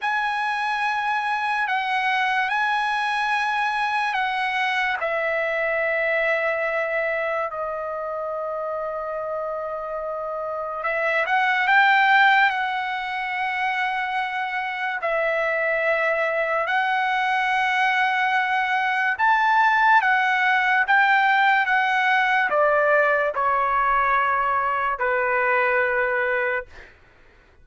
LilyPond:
\new Staff \with { instrumentName = "trumpet" } { \time 4/4 \tempo 4 = 72 gis''2 fis''4 gis''4~ | gis''4 fis''4 e''2~ | e''4 dis''2.~ | dis''4 e''8 fis''8 g''4 fis''4~ |
fis''2 e''2 | fis''2. a''4 | fis''4 g''4 fis''4 d''4 | cis''2 b'2 | }